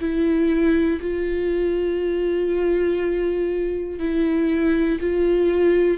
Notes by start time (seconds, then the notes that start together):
0.00 E4
1.00 F4
3.99 E4
5.00 F4